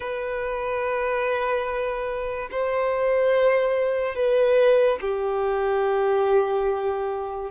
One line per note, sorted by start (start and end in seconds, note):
0.00 2.48 B4
2.51 4.15 C5
4.15 4.98 B4
5.01 7.50 G4